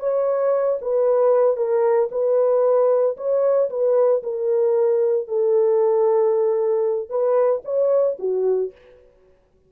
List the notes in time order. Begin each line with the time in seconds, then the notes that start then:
0.00 C#5
0.82 B4
1.57 A#4
2.11 B4
3.17 C#5
3.70 B4
4.23 A#4
5.28 A4
7.10 B4
7.65 C#5
8.19 F#4